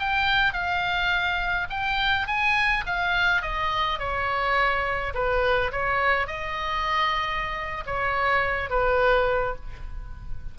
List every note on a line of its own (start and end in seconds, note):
0.00 0.54 G5
0.54 1.68 F5
1.70 2.27 G5
2.28 2.85 G#5
2.87 3.42 F5
3.42 3.99 D#5
3.99 5.14 C#5
5.15 5.72 B4
5.72 6.28 C#5
6.28 7.85 D#5
7.86 8.70 C#5
8.70 9.56 B4